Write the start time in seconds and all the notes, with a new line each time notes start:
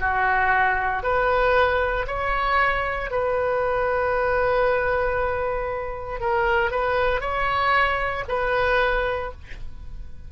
0.00 F#4
1.03 B4
2.07 C#5
3.11 B4
6.20 A#4
6.71 B4
7.21 C#5
8.29 B4